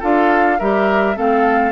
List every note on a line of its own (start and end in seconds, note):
0.00 0.60 D4
0.00 0.59 F4
0.00 0.58 A4
0.00 0.60 F5
0.59 1.18 G3
0.59 1.15 G4
0.59 1.16 A#4
0.59 1.17 E5
1.15 1.72 A3
1.15 1.72 C4
1.15 1.72 A4
1.15 1.72 F5